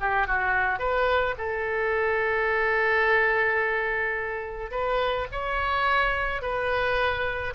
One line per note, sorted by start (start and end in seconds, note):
0.00 0.27 G4
0.27 0.79 F#4
0.79 1.35 B4
1.38 4.71 A4
4.71 5.27 B4
5.32 6.42 C#5
6.42 7.54 B4